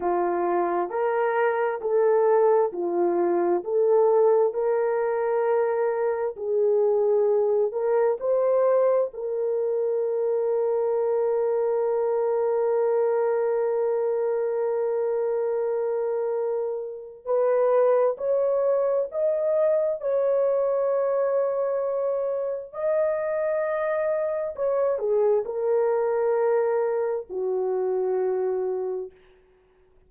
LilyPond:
\new Staff \with { instrumentName = "horn" } { \time 4/4 \tempo 4 = 66 f'4 ais'4 a'4 f'4 | a'4 ais'2 gis'4~ | gis'8 ais'8 c''4 ais'2~ | ais'1~ |
ais'2. b'4 | cis''4 dis''4 cis''2~ | cis''4 dis''2 cis''8 gis'8 | ais'2 fis'2 | }